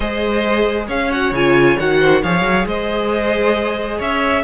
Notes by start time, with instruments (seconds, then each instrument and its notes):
0.00 cello G#3, viola G#4, violin C5 D#5
0.87 cello C#4, violin C#5 F5
1.11 viola F#4, violin F#5
1.31 cello C#3, viola F4, violin G#5
1.78 cello D#3, viola F#4, violin F#5
1.99 violin C5
2.22 cello F3, viola G#4, violin C#5 F5
2.41 cello F#3
2.66 cello G#3, violin C5 D#5
3.97 cello C#4, violin C#5 E5